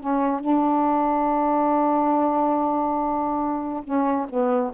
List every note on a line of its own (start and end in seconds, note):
0.00 0.40 C#4
0.40 3.83 D4
3.83 4.26 C#4
4.29 4.72 B3